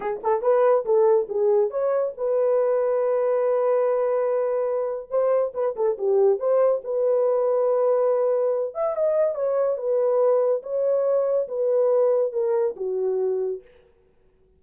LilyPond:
\new Staff \with { instrumentName = "horn" } { \time 4/4 \tempo 4 = 141 gis'8 a'8 b'4 a'4 gis'4 | cis''4 b'2.~ | b'1 | c''4 b'8 a'8 g'4 c''4 |
b'1~ | b'8 e''8 dis''4 cis''4 b'4~ | b'4 cis''2 b'4~ | b'4 ais'4 fis'2 | }